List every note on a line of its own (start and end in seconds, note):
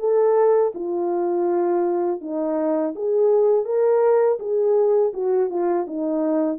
0.00 0.73 A4
0.75 2.22 F4
2.22 2.95 D#4
2.96 3.66 G#4
3.66 4.39 A#4
4.40 5.13 G#4
5.14 5.50 F#4
5.50 5.87 F4
5.87 6.59 D#4